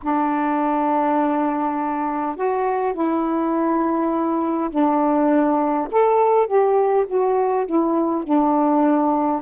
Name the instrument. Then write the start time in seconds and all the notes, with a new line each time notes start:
saxophone
0.02 D4
2.36 F#4
2.93 E4
4.70 D4
5.91 A4
6.47 G4
7.07 F#4
7.66 E4
8.24 D4